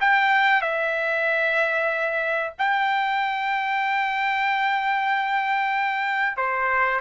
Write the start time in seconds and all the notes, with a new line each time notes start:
0.00 G5
0.61 E5
2.58 G5
6.37 C5